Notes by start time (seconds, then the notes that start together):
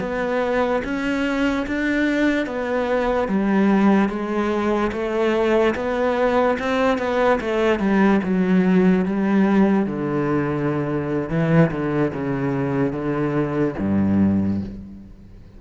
0.00 B3
0.84 C#4
1.67 D4
2.46 B3
3.28 G3
4.09 G#3
4.92 A3
5.75 B3
6.59 C4
6.98 B3
7.41 A3
7.79 G3
8.23 F#3
9.06 G3
9.86 D3
11.29 E3
11.71 D3
12.13 C#3
12.93 D3
13.79 G2